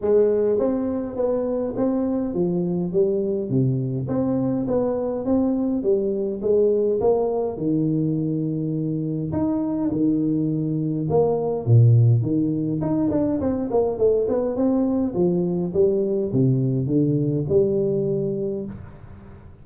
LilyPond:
\new Staff \with { instrumentName = "tuba" } { \time 4/4 \tempo 4 = 103 gis4 c'4 b4 c'4 | f4 g4 c4 c'4 | b4 c'4 g4 gis4 | ais4 dis2. |
dis'4 dis2 ais4 | ais,4 dis4 dis'8 d'8 c'8 ais8 | a8 b8 c'4 f4 g4 | c4 d4 g2 | }